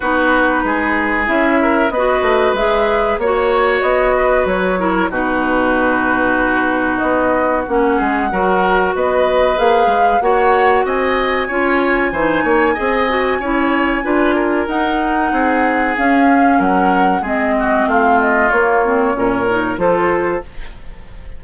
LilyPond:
<<
  \new Staff \with { instrumentName = "flute" } { \time 4/4 \tempo 4 = 94 b'2 e''4 dis''4 | e''4 cis''4 dis''4 cis''4 | b'2. dis''4 | fis''2 dis''4 f''4 |
fis''4 gis''2.~ | gis''2. fis''4~ | fis''4 f''4 fis''4 dis''4 | f''8 dis''8 cis''2 c''4 | }
  \new Staff \with { instrumentName = "oboe" } { \time 4/4 fis'4 gis'4. ais'8 b'4~ | b'4 cis''4. b'4 ais'8 | fis'1~ | fis'8 gis'8 ais'4 b'2 |
cis''4 dis''4 cis''4 c''8 cis''8 | dis''4 cis''4 b'8 ais'4. | gis'2 ais'4 gis'8 fis'8 | f'2 ais'4 a'4 | }
  \new Staff \with { instrumentName = "clarinet" } { \time 4/4 dis'2 e'4 fis'4 | gis'4 fis'2~ fis'8 e'8 | dis'1 | cis'4 fis'2 gis'4 |
fis'2 f'4 dis'4 | gis'8 fis'8 e'4 f'4 dis'4~ | dis'4 cis'2 c'4~ | c'4 ais8 c'8 cis'8 dis'8 f'4 | }
  \new Staff \with { instrumentName = "bassoon" } { \time 4/4 b4 gis4 cis'4 b8 a8 | gis4 ais4 b4 fis4 | b,2. b4 | ais8 gis8 fis4 b4 ais8 gis8 |
ais4 c'4 cis'4 e8 ais8 | c'4 cis'4 d'4 dis'4 | c'4 cis'4 fis4 gis4 | a4 ais4 ais,4 f4 | }
>>